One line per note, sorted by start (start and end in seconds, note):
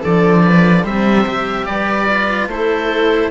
0.00 0.87 D3
0.00 0.84 F3
0.00 0.41 A4
0.00 0.86 D5
0.45 0.84 B4
0.84 1.67 C3
0.84 1.25 G3
0.84 1.66 C5
0.84 1.66 E5
1.26 2.08 G4
1.66 2.48 G3
1.66 2.50 B4
1.66 2.48 D5
2.09 2.50 F4
2.48 3.30 A3
2.48 3.31 E4
2.48 3.31 A4
2.48 3.31 C5